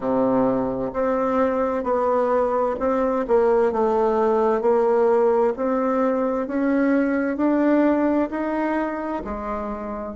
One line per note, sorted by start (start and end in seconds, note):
0.00 0.91 C3
0.93 1.83 C4
1.83 2.75 B3
2.79 3.25 C4
3.27 3.72 A#3
3.72 4.61 A3
4.61 5.53 A#3
5.56 6.47 C4
6.47 7.36 C#4
7.36 8.29 D4
8.30 9.23 D#4
9.24 10.15 G#3